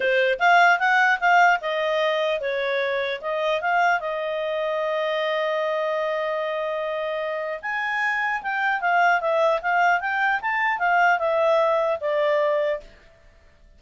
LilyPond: \new Staff \with { instrumentName = "clarinet" } { \time 4/4 \tempo 4 = 150 c''4 f''4 fis''4 f''4 | dis''2 cis''2 | dis''4 f''4 dis''2~ | dis''1~ |
dis''2. gis''4~ | gis''4 g''4 f''4 e''4 | f''4 g''4 a''4 f''4 | e''2 d''2 | }